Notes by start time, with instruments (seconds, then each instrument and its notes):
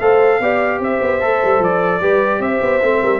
0.00 tuba A3, trombone A4, horn C5, trumpet F5
0.40 tuba B3, trombone G4, horn D5
0.79 tuba C4, horn C5, trumpet E5
1.01 tuba B3
1.20 tuba A3, trombone A4
1.44 tuba G3
1.59 tuba F3, trumpet D5
2.00 tuba G3, trombone G4, horn B4
2.39 tuba C4, horn C5, trumpet E5
2.61 tuba B3
2.82 tuba A3, trombone C4
3.01 tuba G3, horn A#4